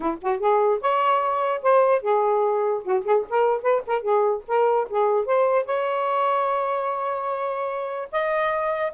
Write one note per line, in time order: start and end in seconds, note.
0.00 0.17 E4
0.21 0.39 F#4
0.39 0.80 G#4
0.81 1.62 C#5
1.62 2.02 C5
2.02 2.83 G#4
2.84 3.04 F#4
3.05 3.25 G#4
3.29 3.62 A#4
3.62 3.82 B4
3.86 4.02 A#4
4.02 4.42 G#4
4.47 4.88 A#4
4.89 5.25 G#4
5.25 5.65 C5
5.65 8.08 C#5
8.12 8.93 D#5